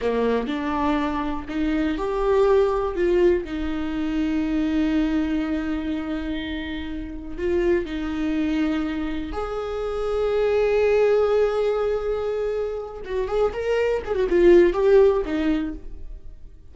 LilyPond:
\new Staff \with { instrumentName = "viola" } { \time 4/4 \tempo 4 = 122 ais4 d'2 dis'4 | g'2 f'4 dis'4~ | dis'1~ | dis'2. f'4 |
dis'2. gis'4~ | gis'1~ | gis'2~ gis'8 fis'8 gis'8 ais'8~ | ais'8 gis'16 fis'16 f'4 g'4 dis'4 | }